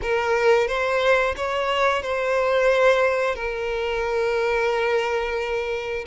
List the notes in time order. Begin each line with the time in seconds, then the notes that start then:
0.02 A#4
0.67 C5
1.36 C#5
2.02 C5
3.35 A#4